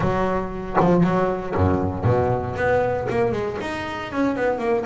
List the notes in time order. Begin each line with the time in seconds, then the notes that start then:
0.00 F#3
0.79 F3
1.03 F#3
1.55 F#2
2.04 B2
2.55 B3
3.09 A#3
3.31 G#3
3.61 D#4
4.12 C#4
4.36 B3
4.59 A#3